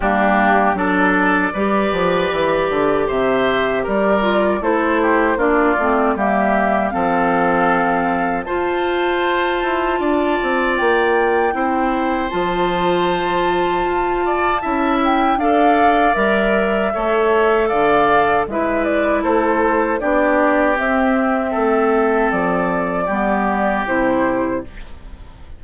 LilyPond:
<<
  \new Staff \with { instrumentName = "flute" } { \time 4/4 \tempo 4 = 78 g'4 d''2. | e''4 d''4 c''4 d''4 | e''4 f''2 a''4~ | a''2 g''2 |
a''2.~ a''8 g''8 | f''4 e''2 f''4 | e''8 d''8 c''4 d''4 e''4~ | e''4 d''2 c''4 | }
  \new Staff \with { instrumentName = "oboe" } { \time 4/4 d'4 a'4 b'2 | c''4 ais'4 a'8 g'8 f'4 | g'4 a'2 c''4~ | c''4 d''2 c''4~ |
c''2~ c''8 d''8 e''4 | d''2 cis''4 d''4 | b'4 a'4 g'2 | a'2 g'2 | }
  \new Staff \with { instrumentName = "clarinet" } { \time 4/4 ais4 d'4 g'2~ | g'4. f'8 e'4 d'8 c'8 | ais4 c'2 f'4~ | f'2. e'4 |
f'2. e'4 | a'4 ais'4 a'2 | e'2 d'4 c'4~ | c'2 b4 e'4 | }
  \new Staff \with { instrumentName = "bassoon" } { \time 4/4 g4 fis4 g8 f8 e8 d8 | c4 g4 a4 ais8 a8 | g4 f2 f'4~ | f'8 e'8 d'8 c'8 ais4 c'4 |
f2 f'4 cis'4 | d'4 g4 a4 d4 | gis4 a4 b4 c'4 | a4 f4 g4 c4 | }
>>